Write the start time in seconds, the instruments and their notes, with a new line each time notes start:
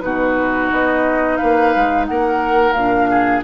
0.00 bassoon B2, clarinet D#4, oboe F#4, flute B4
0.71 bassoon B3, flute D#5
1.37 bassoon A#3, oboe B4, flute F5
1.75 bassoon G#3
2.06 bassoon A#3, oboe A#4, flute F#5
2.73 bassoon A#2, clarinet D4, flute F5
3.10 oboe G#4